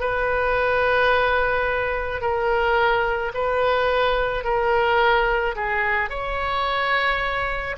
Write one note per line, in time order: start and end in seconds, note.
0.00 2.21 B4
2.21 3.32 A#4
3.34 4.44 B4
4.44 5.55 A#4
5.56 6.09 G#4
6.09 7.76 C#5